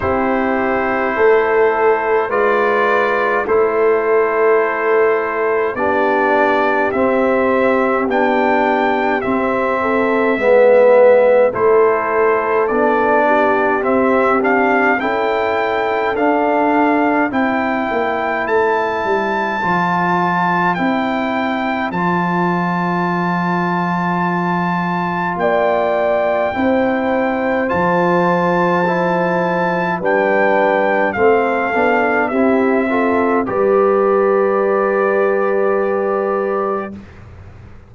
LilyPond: <<
  \new Staff \with { instrumentName = "trumpet" } { \time 4/4 \tempo 4 = 52 c''2 d''4 c''4~ | c''4 d''4 e''4 g''4 | e''2 c''4 d''4 | e''8 f''8 g''4 f''4 g''4 |
a''2 g''4 a''4~ | a''2 g''2 | a''2 g''4 f''4 | e''4 d''2. | }
  \new Staff \with { instrumentName = "horn" } { \time 4/4 g'4 a'4 b'4 a'4~ | a'4 g'2.~ | g'8 a'8 b'4 a'4. g'8~ | g'4 a'2 c''4~ |
c''1~ | c''2 d''4 c''4~ | c''2 b'4 a'4 | g'8 a'8 b'2. | }
  \new Staff \with { instrumentName = "trombone" } { \time 4/4 e'2 f'4 e'4~ | e'4 d'4 c'4 d'4 | c'4 b4 e'4 d'4 | c'8 d'8 e'4 d'4 e'4~ |
e'4 f'4 e'4 f'4~ | f'2. e'4 | f'4 e'4 d'4 c'8 d'8 | e'8 f'8 g'2. | }
  \new Staff \with { instrumentName = "tuba" } { \time 4/4 c'4 a4 gis4 a4~ | a4 b4 c'4 b4 | c'4 gis4 a4 b4 | c'4 cis'4 d'4 c'8 ais8 |
a8 g8 f4 c'4 f4~ | f2 ais4 c'4 | f2 g4 a8 b8 | c'4 g2. | }
>>